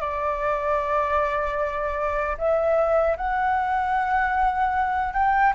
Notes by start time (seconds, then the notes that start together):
0.00 D5
2.38 E5
3.17 F#5
5.13 G5